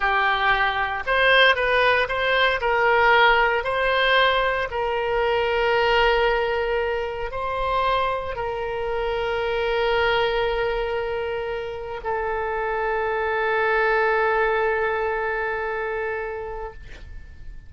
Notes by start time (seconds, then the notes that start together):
0.00 G4
1.06 C5
1.55 B4
2.08 C5
2.61 A#4
3.64 C5
4.70 A#4
7.31 C5
8.35 A#4
12.03 A4